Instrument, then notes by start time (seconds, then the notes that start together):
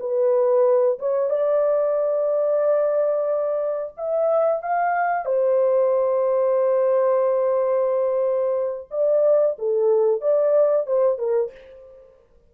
horn
0.00 B4
0.99 C#5
1.30 D5
3.97 E5
4.63 F5
5.26 C5
8.91 D5
9.59 A4
10.21 D5
10.87 C5
11.19 A#4